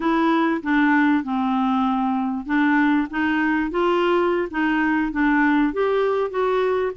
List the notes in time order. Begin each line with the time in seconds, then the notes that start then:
0.00 E4
0.62 D4
1.23 C4
2.45 D4
3.10 D#4
3.71 F4
4.50 D#4
5.11 D4
5.73 G4
6.30 F#4